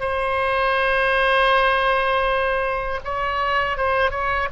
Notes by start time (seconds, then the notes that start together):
0.00 C5
3.04 C#5
3.78 C5
4.11 C#5